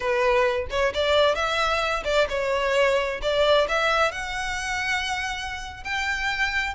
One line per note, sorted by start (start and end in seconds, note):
0.00 0.67 B4
0.70 0.93 C#5
0.93 1.35 D5
1.35 2.03 E5
2.04 2.27 D5
2.29 3.20 C#5
3.22 3.67 D5
3.68 4.11 E5
4.11 5.83 F#5
5.84 6.74 G5